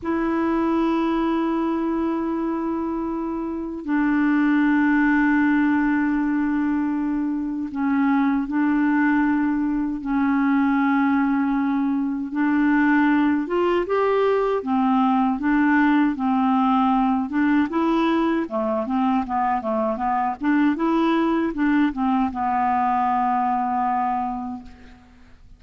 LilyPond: \new Staff \with { instrumentName = "clarinet" } { \time 4/4 \tempo 4 = 78 e'1~ | e'4 d'2.~ | d'2 cis'4 d'4~ | d'4 cis'2. |
d'4. f'8 g'4 c'4 | d'4 c'4. d'8 e'4 | a8 c'8 b8 a8 b8 d'8 e'4 | d'8 c'8 b2. | }